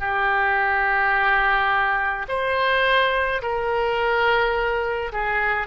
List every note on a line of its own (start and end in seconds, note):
0.00 2.26 G4
2.29 3.42 C5
3.42 5.12 A#4
5.13 5.68 G#4